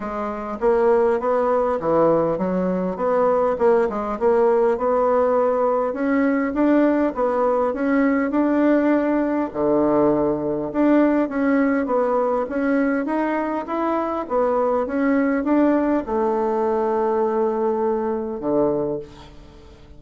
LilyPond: \new Staff \with { instrumentName = "bassoon" } { \time 4/4 \tempo 4 = 101 gis4 ais4 b4 e4 | fis4 b4 ais8 gis8 ais4 | b2 cis'4 d'4 | b4 cis'4 d'2 |
d2 d'4 cis'4 | b4 cis'4 dis'4 e'4 | b4 cis'4 d'4 a4~ | a2. d4 | }